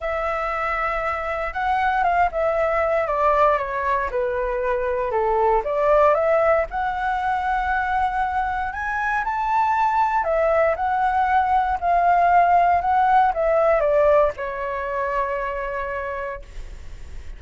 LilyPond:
\new Staff \with { instrumentName = "flute" } { \time 4/4 \tempo 4 = 117 e''2. fis''4 | f''8 e''4. d''4 cis''4 | b'2 a'4 d''4 | e''4 fis''2.~ |
fis''4 gis''4 a''2 | e''4 fis''2 f''4~ | f''4 fis''4 e''4 d''4 | cis''1 | }